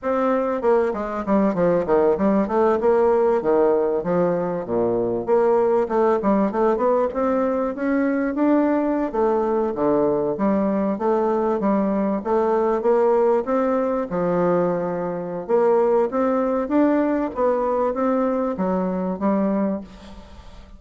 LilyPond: \new Staff \with { instrumentName = "bassoon" } { \time 4/4 \tempo 4 = 97 c'4 ais8 gis8 g8 f8 dis8 g8 | a8 ais4 dis4 f4 ais,8~ | ais,8 ais4 a8 g8 a8 b8 c'8~ | c'8 cis'4 d'4~ d'16 a4 d16~ |
d8. g4 a4 g4 a16~ | a8. ais4 c'4 f4~ f16~ | f4 ais4 c'4 d'4 | b4 c'4 fis4 g4 | }